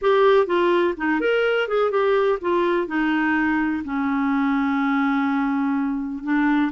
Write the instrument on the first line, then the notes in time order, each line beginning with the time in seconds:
clarinet
0.01 G4
0.46 F4
0.97 D#4
1.20 A#4
1.68 G#4
1.90 G4
2.41 F4
2.87 D#4
3.84 C#4
6.23 D4